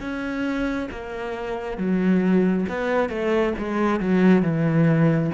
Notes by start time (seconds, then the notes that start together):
0.00 C#4
0.91 A#3
1.77 F#3
2.68 B3
3.09 A3
3.58 G#3
3.99 F#3
4.42 E3